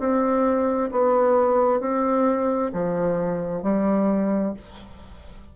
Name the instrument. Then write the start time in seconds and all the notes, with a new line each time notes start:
bassoon
0.00 C4
0.92 B3
1.81 C4
2.74 F3
3.63 G3